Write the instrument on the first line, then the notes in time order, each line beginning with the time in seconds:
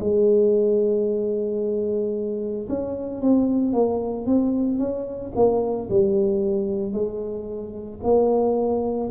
tuba
0.00 G#3
2.69 C#4
3.21 C4
3.73 A#3
4.26 C4
4.78 C#4
5.35 A#3
5.89 G3
6.93 G#3
8.03 A#3